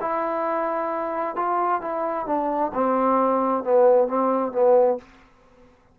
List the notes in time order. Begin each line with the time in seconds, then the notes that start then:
0.00 E4
1.36 F4
1.81 E4
2.26 D4
2.74 C4
3.63 B3
4.07 C4
4.52 B3